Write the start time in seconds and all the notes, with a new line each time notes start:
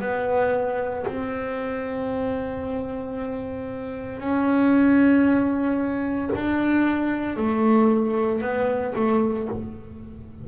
0.00 B3
1.07 C4
4.20 C#4
6.35 D4
7.36 A3
8.41 B3
8.95 A3